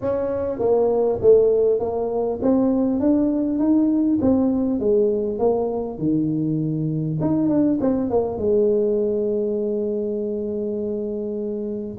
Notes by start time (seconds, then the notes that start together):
0.01 C#4
0.59 A#3
1.21 A3
1.79 A#3
2.42 C4
3.00 D4
3.58 D#4
4.21 C4
4.79 G#3
5.38 A#3
5.98 D#3
7.20 D#4
7.48 D4
7.80 C4
8.10 A#3
8.37 G#3